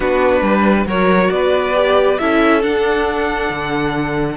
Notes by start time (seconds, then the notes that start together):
0.00 B3 D4 F#4 B4
0.41 G3 B4
0.85 F#3 F#4 A#4 C#5
1.30 B3 B4 D5
1.74 G4
2.18 C#4 E4 A4 E5
2.61 D4 F#5
3.50 D3